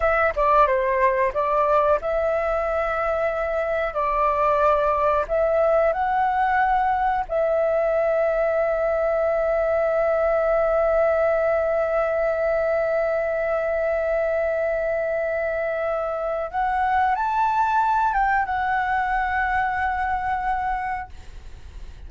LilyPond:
\new Staff \with { instrumentName = "flute" } { \time 4/4 \tempo 4 = 91 e''8 d''8 c''4 d''4 e''4~ | e''2 d''2 | e''4 fis''2 e''4~ | e''1~ |
e''1~ | e''1~ | e''4 fis''4 a''4. g''8 | fis''1 | }